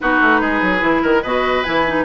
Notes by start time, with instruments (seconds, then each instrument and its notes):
0.00 bassoon B3, clarinet D#4, oboe F#4, flute B4
0.21 bassoon A3
0.40 bassoon G#3, oboe G#4
0.61 bassoon F#3
0.79 bassoon E3, clarinet E4
1.02 bassoon D#3, oboe A#4
1.22 bassoon B2, clarinet F#4, oboe B4, flute D#5
1.63 bassoon E3, clarinet E4, flute G#5
1.87 clarinet D#4